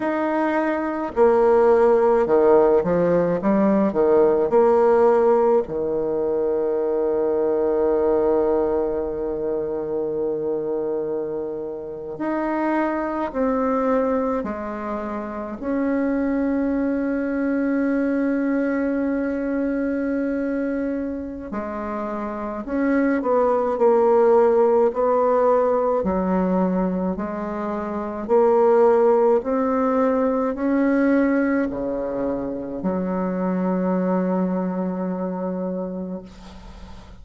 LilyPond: \new Staff \with { instrumentName = "bassoon" } { \time 4/4 \tempo 4 = 53 dis'4 ais4 dis8 f8 g8 dis8 | ais4 dis2.~ | dis2~ dis8. dis'4 c'16~ | c'8. gis4 cis'2~ cis'16~ |
cis'2. gis4 | cis'8 b8 ais4 b4 fis4 | gis4 ais4 c'4 cis'4 | cis4 fis2. | }